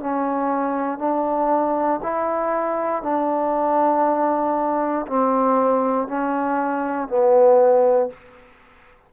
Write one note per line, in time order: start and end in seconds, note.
0.00 0.98 C#4
0.98 2.00 D4
2.02 3.02 E4
3.02 5.06 D4
5.07 6.07 C4
6.07 7.08 C#4
7.08 8.09 B3